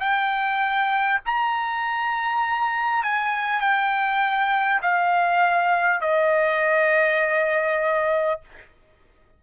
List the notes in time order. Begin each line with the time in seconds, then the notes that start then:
0.00 G5
1.26 A#5
3.03 G#5
3.61 G5
4.83 F5
6.01 D#5